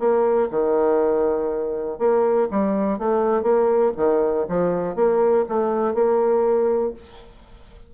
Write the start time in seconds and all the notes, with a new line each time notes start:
0.00 A#3
0.51 D#3
1.99 A#3
2.51 G3
2.99 A3
3.43 A#3
3.97 D#3
4.49 F3
4.96 A#3
5.49 A3
5.95 A#3